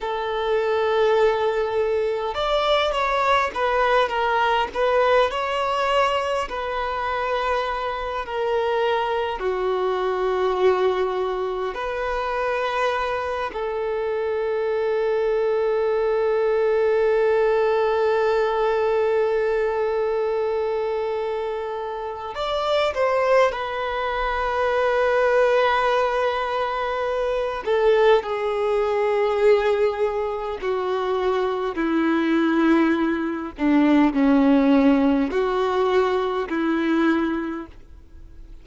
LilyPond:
\new Staff \with { instrumentName = "violin" } { \time 4/4 \tempo 4 = 51 a'2 d''8 cis''8 b'8 ais'8 | b'8 cis''4 b'4. ais'4 | fis'2 b'4. a'8~ | a'1~ |
a'2. d''8 c''8 | b'2.~ b'8 a'8 | gis'2 fis'4 e'4~ | e'8 d'8 cis'4 fis'4 e'4 | }